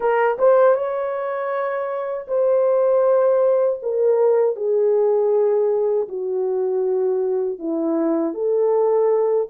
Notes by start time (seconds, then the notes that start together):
0.00 A#4
0.38 C5
0.75 C#5
2.27 C5
3.82 A#4
4.56 G#4
6.08 F#4
7.58 E4
8.34 A4